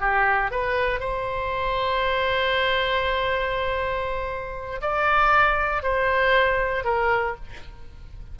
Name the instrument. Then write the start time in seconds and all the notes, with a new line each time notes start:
oboe
0.00 G4
0.51 B4
0.99 C5
4.81 D5
5.82 C5
6.84 A#4